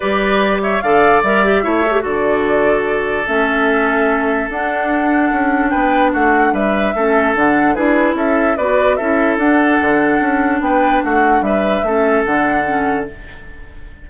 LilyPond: <<
  \new Staff \with { instrumentName = "flute" } { \time 4/4 \tempo 4 = 147 d''4. e''8 f''4 e''4~ | e''4 d''2. | e''2. fis''4~ | fis''2 g''4 fis''4 |
e''2 fis''4 b'4 | e''4 d''4 e''4 fis''4~ | fis''2 g''4 fis''4 | e''2 fis''2 | }
  \new Staff \with { instrumentName = "oboe" } { \time 4/4 b'4. cis''8 d''2 | cis''4 a'2.~ | a'1~ | a'2 b'4 fis'4 |
b'4 a'2 gis'4 | a'4 b'4 a'2~ | a'2 b'4 fis'4 | b'4 a'2. | }
  \new Staff \with { instrumentName = "clarinet" } { \time 4/4 g'2 a'4 ais'8 g'8 | e'8 a'16 g'16 fis'2. | cis'2. d'4~ | d'1~ |
d'4 cis'4 d'4 e'4~ | e'4 fis'4 e'4 d'4~ | d'1~ | d'4 cis'4 d'4 cis'4 | }
  \new Staff \with { instrumentName = "bassoon" } { \time 4/4 g2 d4 g4 | a4 d2. | a2. d'4~ | d'4 cis'4 b4 a4 |
g4 a4 d4 d'4 | cis'4 b4 cis'4 d'4 | d4 cis'4 b4 a4 | g4 a4 d2 | }
>>